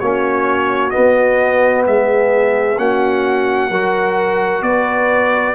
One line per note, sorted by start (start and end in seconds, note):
0.00 0.94 A#3
0.00 0.92 C#4
0.00 1.85 F#4
0.00 0.90 C#5
0.90 2.76 B3
0.90 1.83 D#5
0.97 1.87 B3
1.87 2.77 G#3
1.87 2.79 G#4
1.87 2.79 E5
2.77 3.70 A#3
2.77 3.70 C#4
2.77 3.70 F#4
2.77 4.63 F#5
3.70 4.62 F#3
3.70 5.55 F#4
3.70 4.63 A#4
4.62 5.54 B3
4.62 5.55 B4
4.62 5.55 D5